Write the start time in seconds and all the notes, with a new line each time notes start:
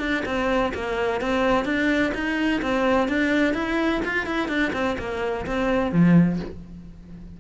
0.00 D4
0.26 C4
0.74 A#3
1.22 C4
1.65 D4
2.15 D#4
2.62 C4
3.08 D4
3.54 E4
4.05 F4
4.26 E4
4.49 D4
4.74 C4
4.99 A#3
5.47 C4
5.92 F3